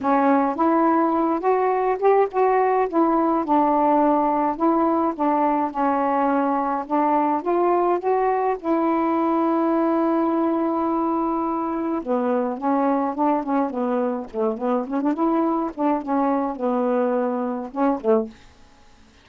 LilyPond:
\new Staff \with { instrumentName = "saxophone" } { \time 4/4 \tempo 4 = 105 cis'4 e'4. fis'4 g'8 | fis'4 e'4 d'2 | e'4 d'4 cis'2 | d'4 f'4 fis'4 e'4~ |
e'1~ | e'4 b4 cis'4 d'8 cis'8 | b4 a8 b8 cis'16 d'16 e'4 d'8 | cis'4 b2 cis'8 a8 | }